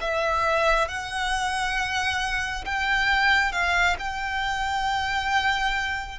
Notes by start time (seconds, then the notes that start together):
0.00 E5
0.88 F#5
2.64 G5
3.52 F5
3.99 G5